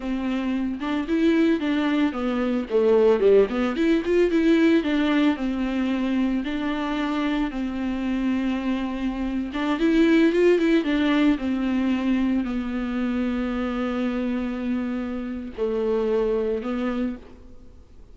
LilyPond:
\new Staff \with { instrumentName = "viola" } { \time 4/4 \tempo 4 = 112 c'4. d'8 e'4 d'4 | b4 a4 g8 b8 e'8 f'8 | e'4 d'4 c'2 | d'2 c'2~ |
c'4.~ c'16 d'8 e'4 f'8 e'16~ | e'16 d'4 c'2 b8.~ | b1~ | b4 a2 b4 | }